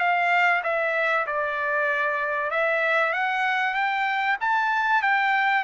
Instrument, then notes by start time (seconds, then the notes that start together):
trumpet
0.00 F5
0.64 E5
1.27 D5
2.51 E5
3.13 F#5
3.74 G5
4.41 A5
5.02 G5